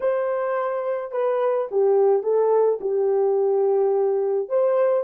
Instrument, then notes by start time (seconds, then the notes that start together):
horn
0.00 C5
1.11 B4
1.71 G4
2.23 A4
2.80 G4
4.48 C5